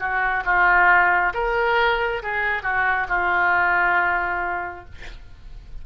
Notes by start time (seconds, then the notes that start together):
0.00 F#4
0.45 F4
1.34 A#4
2.23 G#4
2.63 F#4
3.09 F4